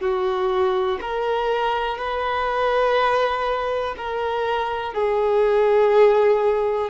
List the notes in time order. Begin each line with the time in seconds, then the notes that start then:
0.00 F#4
1.01 A#4
1.98 B4
3.97 A#4
4.94 G#4